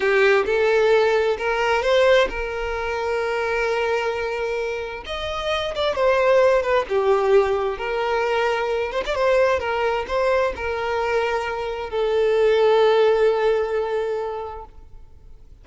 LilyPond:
\new Staff \with { instrumentName = "violin" } { \time 4/4 \tempo 4 = 131 g'4 a'2 ais'4 | c''4 ais'2.~ | ais'2. dis''4~ | dis''8 d''8 c''4. b'8 g'4~ |
g'4 ais'2~ ais'8 c''16 d''16 | c''4 ais'4 c''4 ais'4~ | ais'2 a'2~ | a'1 | }